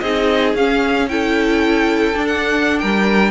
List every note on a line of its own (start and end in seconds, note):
0.00 0.54 C4
0.00 0.56 D#4
0.00 1.08 G#4
0.00 0.53 D#5
0.54 2.13 C#4
0.54 1.09 C#4
0.54 1.08 F5
1.08 2.14 E4
1.08 2.81 A4
1.08 2.27 G5
2.14 3.31 D4
2.14 2.83 D4
2.27 2.79 F#5
2.79 3.31 G3
2.79 3.31 A#4
2.79 3.31 G5